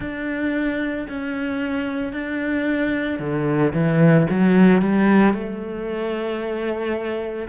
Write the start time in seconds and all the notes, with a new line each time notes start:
0.00 D4
1.09 C#4
2.12 D4
3.19 D3
3.73 E3
4.30 F#3
4.81 G3
5.33 A3